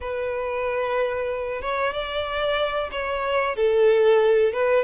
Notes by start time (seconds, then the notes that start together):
0.00 B4
1.61 C#5
1.93 D5
2.91 C#5
3.55 A4
4.52 B4